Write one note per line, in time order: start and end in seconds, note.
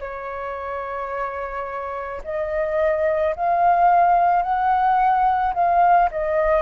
0.00 2.22 C#5
2.24 3.35 D#5
3.36 4.42 F5
4.42 5.54 F#5
5.55 6.10 F5
6.11 6.62 D#5